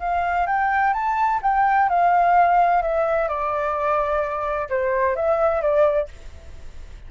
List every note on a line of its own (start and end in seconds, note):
0.00 0.47 F5
0.47 0.94 G5
0.94 1.40 A5
1.42 1.89 G5
1.89 2.82 F5
2.82 3.28 E5
3.28 4.69 D5
4.70 5.16 C5
5.16 5.61 E5
5.61 6.08 D5